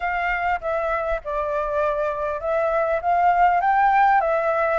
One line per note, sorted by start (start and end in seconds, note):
0.00 0.59 F5
0.60 1.20 E5
1.24 2.40 D5
2.40 3.00 E5
3.01 3.60 F5
3.60 4.20 G5
4.20 4.79 E5